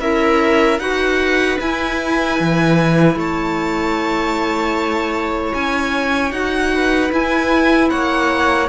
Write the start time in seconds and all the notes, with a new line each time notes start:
0.00 C#4 E4 A#4 E5
0.79 D#4 F#4 B4 F#5
1.59 E4 G#5
2.40 E3
3.16 A3 C#5 A5
5.54 C#4 G#5
6.32 D#4 F#4 F#5
6.75 B4
7.10 E4 G#5
7.90 A#3 C#5 F#5